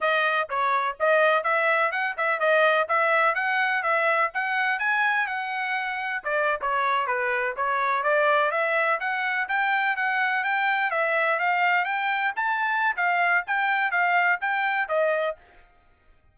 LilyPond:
\new Staff \with { instrumentName = "trumpet" } { \time 4/4 \tempo 4 = 125 dis''4 cis''4 dis''4 e''4 | fis''8 e''8 dis''4 e''4 fis''4 | e''4 fis''4 gis''4 fis''4~ | fis''4 d''8. cis''4 b'4 cis''16~ |
cis''8. d''4 e''4 fis''4 g''16~ | g''8. fis''4 g''4 e''4 f''16~ | f''8. g''4 a''4~ a''16 f''4 | g''4 f''4 g''4 dis''4 | }